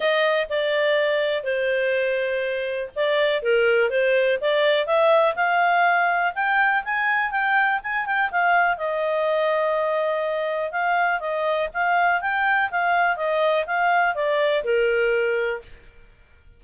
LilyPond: \new Staff \with { instrumentName = "clarinet" } { \time 4/4 \tempo 4 = 123 dis''4 d''2 c''4~ | c''2 d''4 ais'4 | c''4 d''4 e''4 f''4~ | f''4 g''4 gis''4 g''4 |
gis''8 g''8 f''4 dis''2~ | dis''2 f''4 dis''4 | f''4 g''4 f''4 dis''4 | f''4 d''4 ais'2 | }